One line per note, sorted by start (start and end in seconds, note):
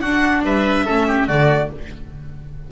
0.00 0.43 D4
0.00 0.88 D4
0.00 0.42 F#4
0.00 0.42 F#5
0.43 0.84 G3
0.43 0.85 B4
0.43 1.28 E5
0.85 1.28 A3
0.85 1.29 C#4
0.85 1.06 A4
1.07 1.27 G4
1.27 1.70 D3
1.27 1.72 A3
1.27 1.69 F#4
1.27 1.69 D5